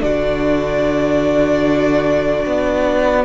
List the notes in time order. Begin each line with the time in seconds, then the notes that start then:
0.00 D3 D4 F#4 D5
2.46 B3